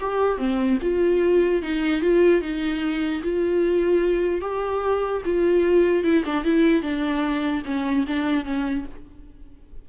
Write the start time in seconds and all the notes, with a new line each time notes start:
0.00 G4
0.38 C4
0.81 F4
1.62 D#4
2.01 F4
2.41 D#4
3.23 F4
4.41 G4
5.25 F4
6.03 E4
6.25 D4
6.44 E4
6.82 D4
7.65 C#4
8.07 D4
8.44 C#4